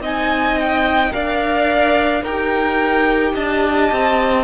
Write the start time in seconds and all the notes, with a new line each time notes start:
0.00 C4 D#4 D#5 G#5
0.59 G5
1.10 D4 A#4 D5 F5
2.22 D#4 G4 A#4 G5
3.34 D4 D#5 A5
3.91 C4